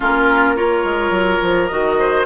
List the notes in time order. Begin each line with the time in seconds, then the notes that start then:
0.00 A#3 C#4 F4 A#4
0.55 F4 A#4 C#5
0.84 G#3
1.10 F#3
1.42 F3
1.67 D#3 F#4 D#5
1.99 C5